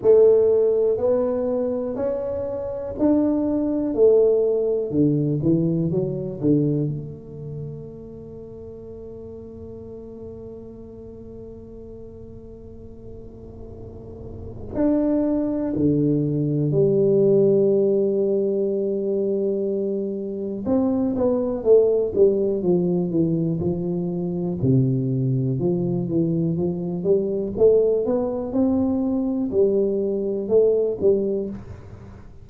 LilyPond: \new Staff \with { instrumentName = "tuba" } { \time 4/4 \tempo 4 = 61 a4 b4 cis'4 d'4 | a4 d8 e8 fis8 d8 a4~ | a1~ | a2. d'4 |
d4 g2.~ | g4 c'8 b8 a8 g8 f8 e8 | f4 c4 f8 e8 f8 g8 | a8 b8 c'4 g4 a8 g8 | }